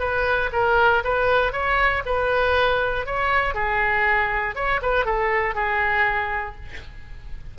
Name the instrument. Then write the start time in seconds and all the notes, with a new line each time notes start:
oboe
0.00 B4
0.53 A#4
1.05 B4
1.53 C#5
2.06 B4
3.07 C#5
3.55 G#4
4.56 C#5
4.82 B4
5.05 A4
5.55 G#4